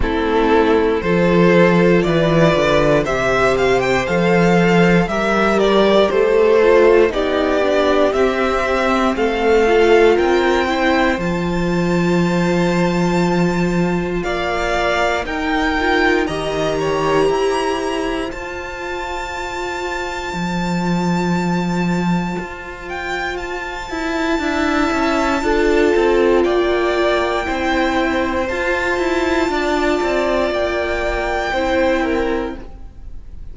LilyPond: <<
  \new Staff \with { instrumentName = "violin" } { \time 4/4 \tempo 4 = 59 a'4 c''4 d''4 e''8 f''16 g''16 | f''4 e''8 d''8 c''4 d''4 | e''4 f''4 g''4 a''4~ | a''2 f''4 g''4 |
ais''2 a''2~ | a''2~ a''8 g''8 a''4~ | a''2 g''2 | a''2 g''2 | }
  \new Staff \with { instrumentName = "violin" } { \time 4/4 e'4 a'4 b'4 c''4~ | c''4 ais'4 a'4 g'4~ | g'4 a'4 ais'8 c''4.~ | c''2 d''4 ais'4 |
dis''8 cis''8 c''2.~ | c''1 | e''4 a'4 d''4 c''4~ | c''4 d''2 c''8 ais'8 | }
  \new Staff \with { instrumentName = "viola" } { \time 4/4 c'4 f'2 g'4 | a'4 g'4. f'8 dis'8 d'8 | c'4. f'4 e'8 f'4~ | f'2. dis'8 f'8 |
g'2 f'2~ | f'1 | e'4 f'2 e'4 | f'2. e'4 | }
  \new Staff \with { instrumentName = "cello" } { \time 4/4 a4 f4 e8 d8 c4 | f4 g4 a4 b4 | c'4 a4 c'4 f4~ | f2 ais4 dis'4 |
dis4 e'4 f'2 | f2 f'4. e'8 | d'8 cis'8 d'8 c'8 ais4 c'4 | f'8 e'8 d'8 c'8 ais4 c'4 | }
>>